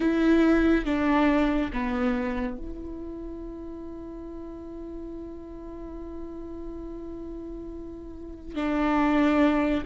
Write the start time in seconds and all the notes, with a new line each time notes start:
0.00 E4
0.85 D4
1.72 B3
2.57 E4
8.55 D4